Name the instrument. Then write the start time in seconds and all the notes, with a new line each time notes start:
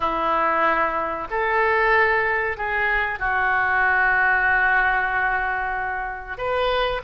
oboe
0.00 E4
1.30 A4
2.57 G#4
3.19 F#4
6.37 B4